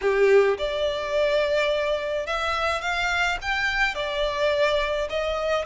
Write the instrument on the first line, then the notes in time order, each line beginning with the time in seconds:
violin
0.01 G4
0.58 D5
2.26 E5
2.81 F5
3.41 G5
3.94 D5
5.09 D#5